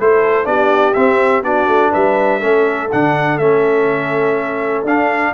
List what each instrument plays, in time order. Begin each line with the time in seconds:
0.00 tuba A3, trombone E4, horn A4, trumpet C5
0.45 tuba B3, trombone D4, horn G4, trumpet D5
0.94 trombone C4, tuba C4, trumpet E5
1.43 tuba B3, trombone D4, horn F#4, trumpet D5
1.68 tuba A3
1.91 tuba G3, horn B4, trumpet E5
2.40 tuba A3, trombone C#4, horn A4
2.92 tuba D3, trombone D4, trumpet F#5
3.38 tuba A3, trombone C#4, trumpet E5
4.84 tuba D4, trombone D4, trumpet F5